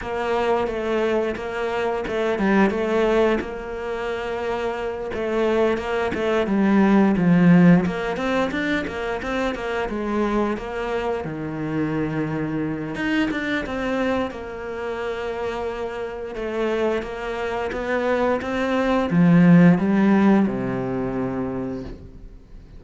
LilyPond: \new Staff \with { instrumentName = "cello" } { \time 4/4 \tempo 4 = 88 ais4 a4 ais4 a8 g8 | a4 ais2~ ais8 a8~ | a8 ais8 a8 g4 f4 ais8 | c'8 d'8 ais8 c'8 ais8 gis4 ais8~ |
ais8 dis2~ dis8 dis'8 d'8 | c'4 ais2. | a4 ais4 b4 c'4 | f4 g4 c2 | }